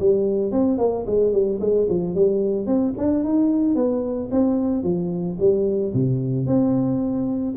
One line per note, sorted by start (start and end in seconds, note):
0.00 0.52 G3
0.52 0.79 C4
0.79 1.06 A#3
1.07 1.33 G#3
1.33 1.60 G3
1.61 1.88 G#3
1.89 2.15 F3
2.15 2.67 G3
2.67 2.94 C4
2.98 3.24 D4
3.24 3.75 D#4
3.75 4.29 B3
4.31 4.84 C4
4.84 5.38 F3
5.40 5.94 G3
5.94 6.47 C3
6.47 7.55 C4